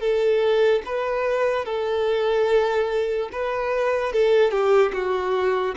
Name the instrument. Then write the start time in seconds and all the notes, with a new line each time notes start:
violin
0.00 A4
0.85 B4
1.65 A4
3.32 B4
4.12 A4
4.51 G4
4.92 F#4